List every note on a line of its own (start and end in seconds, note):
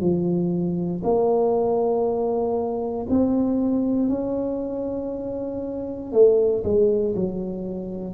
0.00 1.02 F3
1.04 3.07 A#3
3.09 4.09 C4
4.09 6.12 C#4
6.12 6.63 A3
6.64 7.15 G#3
7.15 8.14 F#3